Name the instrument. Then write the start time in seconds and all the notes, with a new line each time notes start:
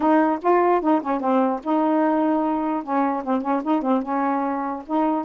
saxophone
0.00 D#4
0.42 F4
0.81 D#4
1.01 C#4
1.20 C4
1.63 D#4
2.83 C#4
3.24 C4
3.41 C#4
3.63 D#4
3.82 C4
4.02 C#4
4.86 D#4